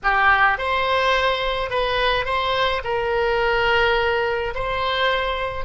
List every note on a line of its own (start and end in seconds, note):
0.03 0.58 G4
0.58 1.70 C5
1.70 2.25 B4
2.25 2.81 C5
2.84 4.54 A#4
4.54 5.64 C5